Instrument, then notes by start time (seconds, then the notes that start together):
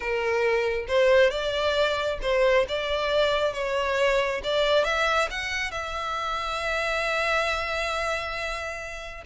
violin
0.00 A#4
0.88 C5
1.30 D5
2.21 C5
2.68 D5
3.53 C#5
4.43 D5
4.84 E5
5.30 F#5
5.71 E5